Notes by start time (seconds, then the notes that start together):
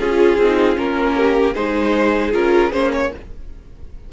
0.00 C#4 F4 G#4
0.38 C4
0.44 D#4
0.76 A#3 C#4 A#4
1.18 G4
1.54 G#3 D#4 G#4 C5
2.33 C#4 F4 A#4
2.72 A#3 C#4 C5
2.93 C#5